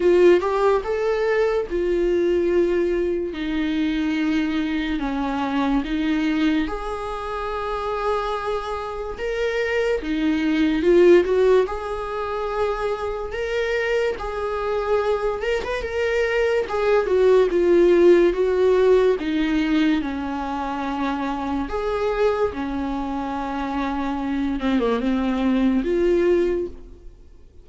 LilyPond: \new Staff \with { instrumentName = "viola" } { \time 4/4 \tempo 4 = 72 f'8 g'8 a'4 f'2 | dis'2 cis'4 dis'4 | gis'2. ais'4 | dis'4 f'8 fis'8 gis'2 |
ais'4 gis'4. ais'16 b'16 ais'4 | gis'8 fis'8 f'4 fis'4 dis'4 | cis'2 gis'4 cis'4~ | cis'4. c'16 ais16 c'4 f'4 | }